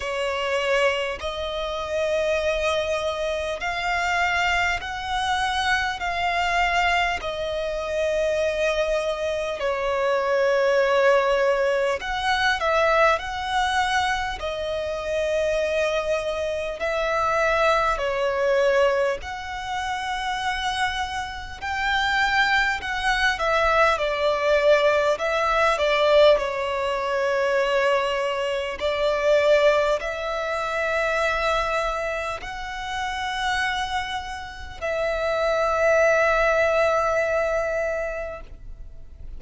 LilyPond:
\new Staff \with { instrumentName = "violin" } { \time 4/4 \tempo 4 = 50 cis''4 dis''2 f''4 | fis''4 f''4 dis''2 | cis''2 fis''8 e''8 fis''4 | dis''2 e''4 cis''4 |
fis''2 g''4 fis''8 e''8 | d''4 e''8 d''8 cis''2 | d''4 e''2 fis''4~ | fis''4 e''2. | }